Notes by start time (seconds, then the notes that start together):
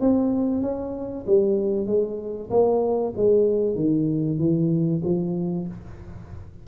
0.00 C4
0.61 C#4
1.26 G3
1.86 G#3
2.50 A#3
3.16 G#3
3.75 D#3
4.38 E3
5.04 F3